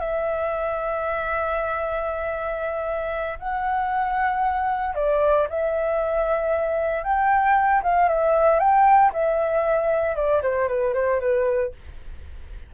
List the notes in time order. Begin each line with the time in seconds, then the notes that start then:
0.00 E5
3.40 F#5
4.95 D5
5.50 E5
7.04 G5
7.83 F5
8.09 E5
8.60 G5
9.14 E5
10.16 D5
10.43 C5
10.69 B4
10.94 C5
11.21 B4